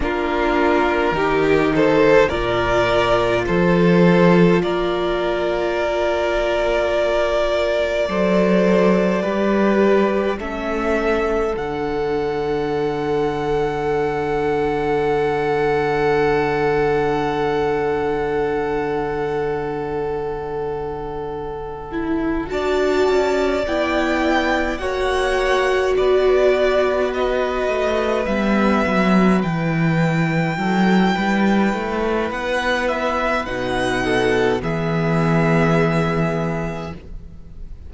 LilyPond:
<<
  \new Staff \with { instrumentName = "violin" } { \time 4/4 \tempo 4 = 52 ais'4. c''8 d''4 c''4 | d''1~ | d''4 e''4 fis''2~ | fis''1~ |
fis''2.~ fis''8 a''8~ | a''8 g''4 fis''4 d''4 dis''8~ | dis''8 e''4 g''2~ g''8 | fis''8 e''8 fis''4 e''2 | }
  \new Staff \with { instrumentName = "violin" } { \time 4/4 f'4 g'8 a'8 ais'4 a'4 | ais'2. c''4 | b'4 a'2.~ | a'1~ |
a'2.~ a'8 d''8~ | d''4. cis''4 b'4.~ | b'2~ b'8 a'8 b'4~ | b'4. a'8 gis'2 | }
  \new Staff \with { instrumentName = "viola" } { \time 4/4 d'4 dis'4 f'2~ | f'2. a'4 | g'4 cis'4 d'2~ | d'1~ |
d'2. e'8 fis'8~ | fis'8 e'4 fis'2~ fis'8~ | fis'8 b4 e'2~ e'8~ | e'4 dis'4 b2 | }
  \new Staff \with { instrumentName = "cello" } { \time 4/4 ais4 dis4 ais,4 f4 | ais2. fis4 | g4 a4 d2~ | d1~ |
d2.~ d8 d'8 | cis'8 b4 ais4 b4. | a8 g8 fis8 e4 fis8 g8 a8 | b4 b,4 e2 | }
>>